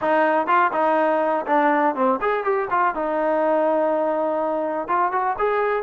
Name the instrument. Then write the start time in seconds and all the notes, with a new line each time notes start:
trombone
0.01 D#4
0.46 F4
0.72 D#4
1.46 D4
1.95 C4
2.21 G#4
2.44 G4
2.70 F4
2.94 D#4
4.88 F4
5.12 F#4
5.38 G#4